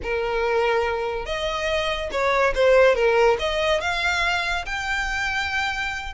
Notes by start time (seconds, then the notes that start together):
0.02 A#4
1.25 D#5
2.11 C#5
2.54 C5
2.95 A#4
3.39 D#5
3.80 F5
4.65 G5